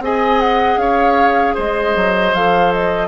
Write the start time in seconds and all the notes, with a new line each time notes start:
0.00 C4 G#4 D#5 G#5
0.41 F#5
0.77 C#4 C#5 F5
1.55 G#3 C5 D#5
1.96 F#3
2.34 F3 A4 F5
2.73 D#5